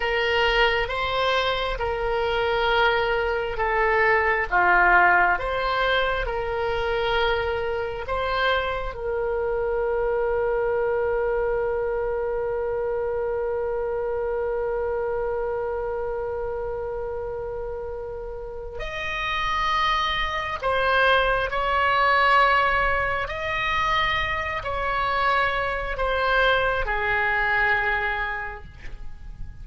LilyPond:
\new Staff \with { instrumentName = "oboe" } { \time 4/4 \tempo 4 = 67 ais'4 c''4 ais'2 | a'4 f'4 c''4 ais'4~ | ais'4 c''4 ais'2~ | ais'1~ |
ais'1~ | ais'4 dis''2 c''4 | cis''2 dis''4. cis''8~ | cis''4 c''4 gis'2 | }